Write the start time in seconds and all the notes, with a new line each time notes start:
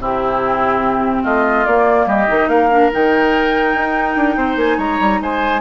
0.00 C3 C4 E4 G4
1.23 A3 F4 D#5
1.66 A#3 D5
2.07 G3 G4 D#5
2.28 D#3 D#4
2.48 A#3 A#4 F5
2.71 D4
2.92 D#3 D#4 G5
3.75 D#4
4.16 D4
4.37 C4 C5
4.57 A#3 G#5
4.78 G#3 C#5 A#5
5.00 G3
5.21 G#3 C5 G#5